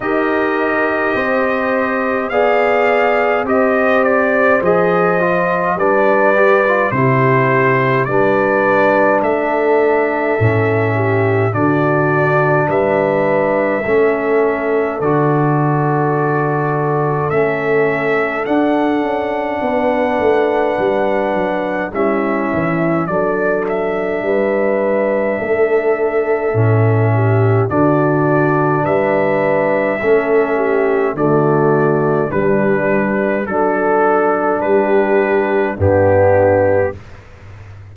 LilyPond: <<
  \new Staff \with { instrumentName = "trumpet" } { \time 4/4 \tempo 4 = 52 dis''2 f''4 dis''8 d''8 | dis''4 d''4 c''4 d''4 | e''2 d''4 e''4~ | e''4 d''2 e''4 |
fis''2. e''4 | d''8 e''2.~ e''8 | d''4 e''2 d''4 | b'4 a'4 b'4 g'4 | }
  \new Staff \with { instrumentName = "horn" } { \time 4/4 ais'4 c''4 d''4 c''4~ | c''4 b'4 g'4 b'4 | a'4. g'8 fis'4 b'4 | a'1~ |
a'4 b'2 e'4 | a'4 b'4 a'4. g'8 | fis'4 b'4 a'8 g'8 fis'4 | d'4 a'4 g'4 d'4 | }
  \new Staff \with { instrumentName = "trombone" } { \time 4/4 g'2 gis'4 g'4 | gis'8 f'8 d'8 g'16 f'16 e'4 d'4~ | d'4 cis'4 d'2 | cis'4 fis'2 cis'4 |
d'2. cis'4 | d'2. cis'4 | d'2 cis'4 a4 | g4 d'2 b4 | }
  \new Staff \with { instrumentName = "tuba" } { \time 4/4 dis'4 c'4 b4 c'4 | f4 g4 c4 g4 | a4 a,4 d4 g4 | a4 d2 a4 |
d'8 cis'8 b8 a8 g8 fis8 g8 e8 | fis4 g4 a4 a,4 | d4 g4 a4 d4 | g4 fis4 g4 g,4 | }
>>